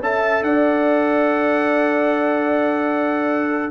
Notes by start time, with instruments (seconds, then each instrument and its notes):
0.00 tuba C#4, trombone A4, horn E5, trumpet A5
0.42 tuba D4, horn D5, trumpet F#5